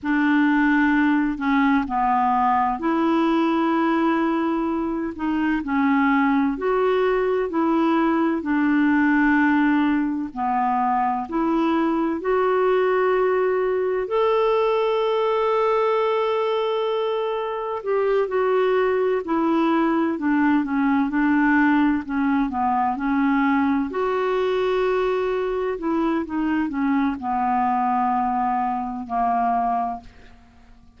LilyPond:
\new Staff \with { instrumentName = "clarinet" } { \time 4/4 \tempo 4 = 64 d'4. cis'8 b4 e'4~ | e'4. dis'8 cis'4 fis'4 | e'4 d'2 b4 | e'4 fis'2 a'4~ |
a'2. g'8 fis'8~ | fis'8 e'4 d'8 cis'8 d'4 cis'8 | b8 cis'4 fis'2 e'8 | dis'8 cis'8 b2 ais4 | }